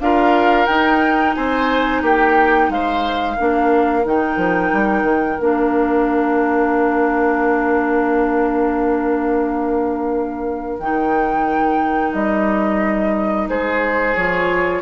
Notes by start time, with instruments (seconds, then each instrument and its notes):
0.00 bassoon D4, clarinet F4, oboe A#4, flute F5
0.67 clarinet D#4, bassoon D#4, flute G5
1.35 bassoon C4, oboe C5, flute G#5
2.02 bassoon A#3, oboe G4, flute G5
2.69 bassoon G#3, oboe C5, flute F5
3.37 bassoon A#3, clarinet D4, oboe A#4
4.04 bassoon D#3, clarinet D#4, flute G5
4.37 bassoon F3
4.73 bassoon G3
5.03 bassoon D#3
5.39 bassoon A#3, clarinet D4, flute F5
10.79 bassoon D#3, clarinet D#4, flute G5
12.14 bassoon G3, flute D#5
13.48 bassoon G#3, oboe G#4, flute C5
14.15 bassoon F3, clarinet F4, flute C#5